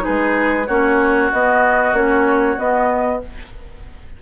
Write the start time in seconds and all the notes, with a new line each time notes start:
0.00 D#4 G#4 B4
0.08 G#3
0.67 A#3 C#4 F#4 C#5
1.32 B3 D#5
1.93 A#3 C#4 C#5
2.58 B3 D#5